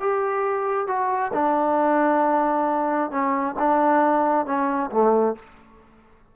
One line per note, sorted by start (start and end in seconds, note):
0.00 0.87 G4
0.87 1.32 F#4
1.33 3.11 D4
3.11 3.55 C#4
3.59 4.46 D4
4.46 4.91 C#4
4.91 5.36 A3